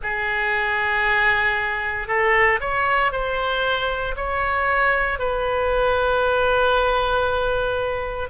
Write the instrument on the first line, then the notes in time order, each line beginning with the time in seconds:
oboe
0.02 G#4
2.07 A4
2.60 C#5
3.11 C5
4.16 C#5
5.18 B4